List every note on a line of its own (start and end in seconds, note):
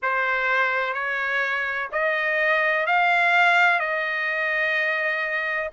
0.02 0.93 C5
0.93 1.88 C#5
1.92 2.86 D#5
2.86 3.79 F5
3.79 5.70 D#5